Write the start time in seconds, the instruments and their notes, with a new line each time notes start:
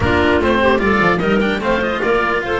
0.00 double bass A#3, cello D4, clarinet F4, oboe A#4
0.40 double bass A3, cello C4, oboe C5
0.61 clarinet G4
0.78 double bass G3, cello F4, clarinet A4, oboe D5
1.00 double bass F3
1.18 double bass G3, cello D#4, clarinet A#4, oboe D#5
1.40 cello D4, oboe G5
1.60 double bass A3, cello C4, clarinet C5, oboe F5
1.81 cello F4, oboe D#5
2.01 double bass A#3, clarinet A#4, oboe D5
2.41 double bass F4, clarinet A4, oboe C5